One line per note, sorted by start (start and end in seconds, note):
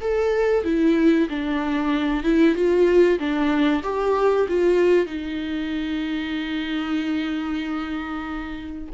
0.00 0.64 A4
0.64 1.28 E4
1.29 2.23 D4
2.23 2.54 E4
2.54 3.18 F4
3.19 3.82 D4
3.83 4.47 G4
4.48 5.06 F4
5.06 8.89 D#4